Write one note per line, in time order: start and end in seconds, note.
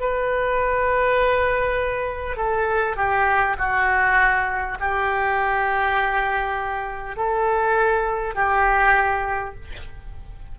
0.00 2.36 B4
2.36 2.96 A4
2.96 3.56 G4
3.58 4.78 F#4
4.80 7.16 G4
7.16 8.35 A4
8.35 9.55 G4